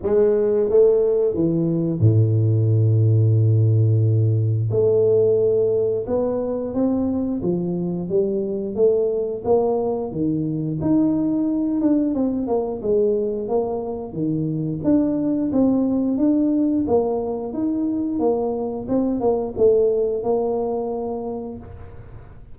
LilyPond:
\new Staff \with { instrumentName = "tuba" } { \time 4/4 \tempo 4 = 89 gis4 a4 e4 a,4~ | a,2. a4~ | a4 b4 c'4 f4 | g4 a4 ais4 dis4 |
dis'4. d'8 c'8 ais8 gis4 | ais4 dis4 d'4 c'4 | d'4 ais4 dis'4 ais4 | c'8 ais8 a4 ais2 | }